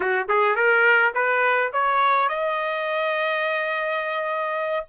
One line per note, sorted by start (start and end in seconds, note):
0.00 0.27 F#4
0.28 0.55 G#4
0.55 1.12 A#4
1.14 1.71 B4
1.72 2.29 C#5
2.29 4.86 D#5